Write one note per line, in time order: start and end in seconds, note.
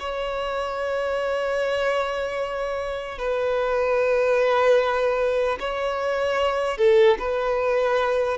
0.00 3.19 C#5
3.19 5.59 B4
5.60 6.78 C#5
6.78 7.18 A4
7.19 8.38 B4